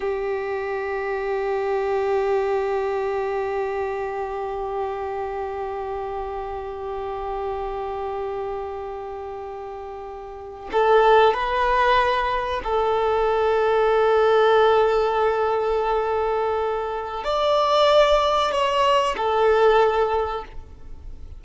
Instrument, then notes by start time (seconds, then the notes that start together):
violin
0.00 G4
10.71 A4
11.33 B4
12.63 A4
17.23 D5
18.51 C#5
19.17 A4